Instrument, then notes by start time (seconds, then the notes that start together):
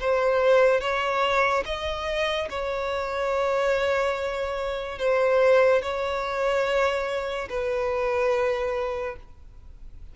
violin
0.00 C5
0.81 C#5
1.65 D#5
2.50 C#5
4.98 C5
5.82 C#5
7.49 B4